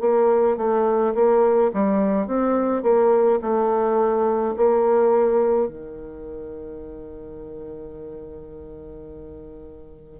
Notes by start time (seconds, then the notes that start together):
0.00 A#3
0.57 A3
1.14 A#3
1.73 G3
2.27 C4
2.82 A#3
3.41 A3
4.56 A#3
5.67 D#3